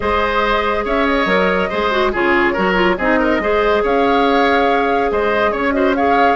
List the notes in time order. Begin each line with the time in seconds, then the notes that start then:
0.00 G#3 G#4 C5 D#5
0.84 C#4 C#5 E5
1.05 D#5
1.25 F#3 A#4
1.69 G#3 G#4 C5
1.91 F#4
2.12 C#3 F4 G#4 C#5
2.53 F#3 F#4 A#4
2.74 F4
2.97 C4 D#4 G#4 D#5
3.19 A#4
3.39 G#3 G#4 C5
3.83 C#4 C#5 F5
5.11 G#3 C5 D#5
5.51 C#4 C#5
5.72 F#4 C5 D#5
5.95 G#4 C#5 F5